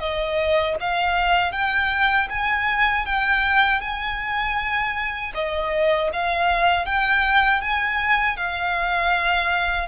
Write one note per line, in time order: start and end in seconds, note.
0.00 0.76 D#5
0.80 1.52 F5
1.52 2.28 G5
2.30 3.06 G#5
3.06 3.81 G5
3.81 5.33 G#5
5.35 6.11 D#5
6.13 6.86 F5
6.86 7.62 G5
7.62 8.37 G#5
8.37 9.88 F5